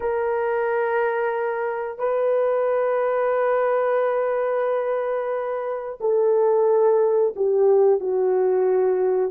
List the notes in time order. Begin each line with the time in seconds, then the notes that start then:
0.00 A#4
1.98 B4
6.00 A4
7.35 G4
8.00 F#4